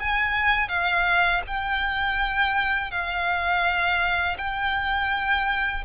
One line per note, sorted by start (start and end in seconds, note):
0.00 0.69 G#5
0.69 1.42 F5
1.47 2.91 G5
2.91 4.37 F5
4.38 5.84 G5